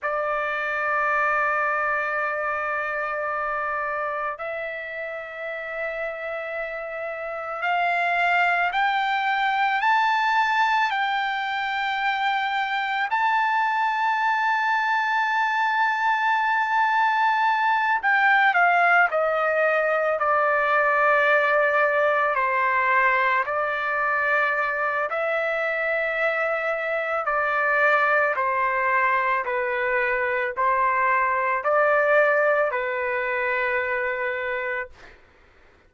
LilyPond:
\new Staff \with { instrumentName = "trumpet" } { \time 4/4 \tempo 4 = 55 d''1 | e''2. f''4 | g''4 a''4 g''2 | a''1~ |
a''8 g''8 f''8 dis''4 d''4.~ | d''8 c''4 d''4. e''4~ | e''4 d''4 c''4 b'4 | c''4 d''4 b'2 | }